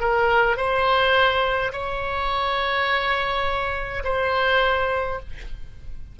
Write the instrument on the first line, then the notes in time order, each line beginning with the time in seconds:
oboe
0.00 A#4
0.57 C5
1.73 C#5
4.04 C5